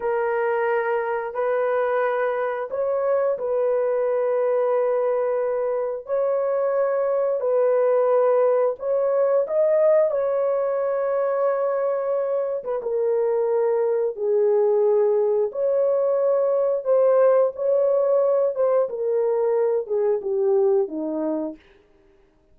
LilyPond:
\new Staff \with { instrumentName = "horn" } { \time 4/4 \tempo 4 = 89 ais'2 b'2 | cis''4 b'2.~ | b'4 cis''2 b'4~ | b'4 cis''4 dis''4 cis''4~ |
cis''2~ cis''8. b'16 ais'4~ | ais'4 gis'2 cis''4~ | cis''4 c''4 cis''4. c''8 | ais'4. gis'8 g'4 dis'4 | }